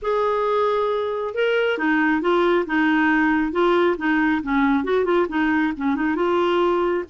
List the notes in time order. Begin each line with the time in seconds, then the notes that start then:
0.02 G#4
1.34 A#4
1.78 D#4
2.21 F4
2.66 D#4
3.52 F4
3.97 D#4
4.42 C#4
4.83 F#4
5.04 F4
5.28 D#4
5.77 C#4
5.95 D#4
6.15 F4